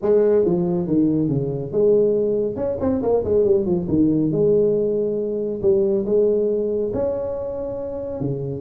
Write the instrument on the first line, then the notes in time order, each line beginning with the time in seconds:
tuba
0.01 G#3
0.45 F3
0.87 D#3
1.28 C#3
1.72 G#3
2.56 C#4
2.80 C4
3.02 A#3
3.24 G#3
3.45 G3
3.65 F3
3.88 D#3
4.31 G#3
5.62 G3
6.05 G#3
6.93 C#4
8.20 C#3